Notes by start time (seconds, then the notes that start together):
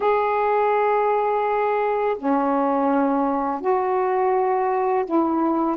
0.00 G#4
2.18 C#4
3.60 F#4
5.05 E4